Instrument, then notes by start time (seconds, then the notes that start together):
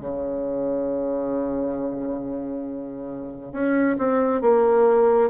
bassoon
0.00 C#3
3.53 C#4
3.99 C4
4.42 A#3